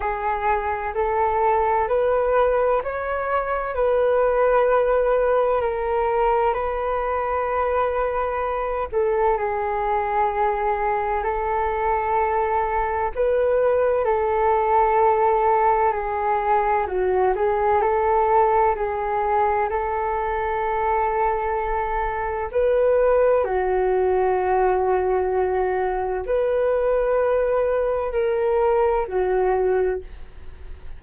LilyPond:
\new Staff \with { instrumentName = "flute" } { \time 4/4 \tempo 4 = 64 gis'4 a'4 b'4 cis''4 | b'2 ais'4 b'4~ | b'4. a'8 gis'2 | a'2 b'4 a'4~ |
a'4 gis'4 fis'8 gis'8 a'4 | gis'4 a'2. | b'4 fis'2. | b'2 ais'4 fis'4 | }